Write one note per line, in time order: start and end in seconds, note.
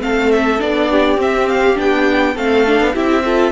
0.00 0.60 A3
0.00 0.59 C4
0.00 0.90 A4
0.00 0.31 F5
0.31 0.60 E5
0.59 1.17 B3
0.59 1.17 D4
0.59 1.19 D5
0.90 2.34 G4
1.17 1.76 C4
1.17 1.75 C4
1.17 1.48 E5
1.48 1.77 F5
1.75 2.36 B3
1.75 2.34 D4
1.75 2.37 G5
2.34 2.80 A3
2.34 2.67 C4
2.34 2.93 A4
2.34 2.95 F5
2.67 2.94 D4
2.80 2.95 B3
2.94 3.52 C4
2.94 3.23 E4
2.94 3.24 G4
2.94 3.52 E5
3.24 3.52 F4
3.24 3.52 A4